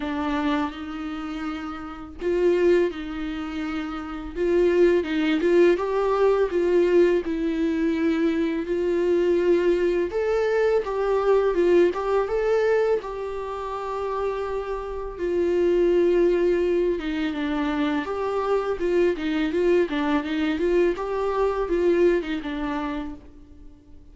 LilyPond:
\new Staff \with { instrumentName = "viola" } { \time 4/4 \tempo 4 = 83 d'4 dis'2 f'4 | dis'2 f'4 dis'8 f'8 | g'4 f'4 e'2 | f'2 a'4 g'4 |
f'8 g'8 a'4 g'2~ | g'4 f'2~ f'8 dis'8 | d'4 g'4 f'8 dis'8 f'8 d'8 | dis'8 f'8 g'4 f'8. dis'16 d'4 | }